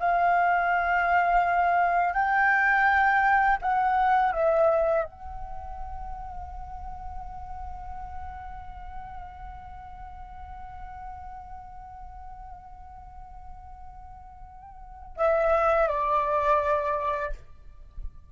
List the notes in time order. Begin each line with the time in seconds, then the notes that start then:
0.00 F5
2.14 G5
3.62 F#5
4.32 E5
5.05 F#5
15.17 E5
15.88 D5